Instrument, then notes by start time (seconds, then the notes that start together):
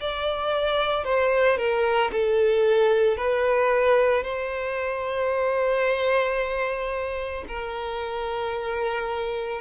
violin
0.00 D5
1.04 C5
1.57 A#4
2.12 A4
3.17 B4
4.23 C5
7.48 A#4